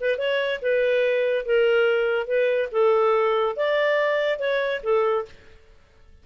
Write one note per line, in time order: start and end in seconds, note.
0.00 0.18 B4
0.18 0.60 C#5
0.62 1.45 B4
1.45 2.27 A#4
2.27 2.69 B4
2.72 3.56 A4
3.56 4.39 D5
4.39 4.81 C#5
4.83 5.25 A4